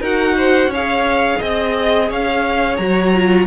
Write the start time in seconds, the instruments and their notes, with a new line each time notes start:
0.00 cello D#4, viola F#4, violin A#4 F#5
0.37 violin C5
0.67 cello C#4, violin C#5
0.73 viola G#4, violin F5
1.38 cello C4, violin D#5
2.09 cello C#4, violin C#5 F5
2.76 cello F#3, viola F#4, violin A#5
3.14 viola F4